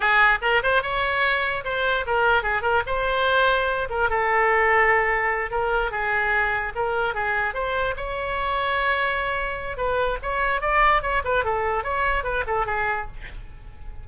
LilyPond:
\new Staff \with { instrumentName = "oboe" } { \time 4/4 \tempo 4 = 147 gis'4 ais'8 c''8 cis''2 | c''4 ais'4 gis'8 ais'8 c''4~ | c''4. ais'8 a'2~ | a'4. ais'4 gis'4.~ |
gis'8 ais'4 gis'4 c''4 cis''8~ | cis''1 | b'4 cis''4 d''4 cis''8 b'8 | a'4 cis''4 b'8 a'8 gis'4 | }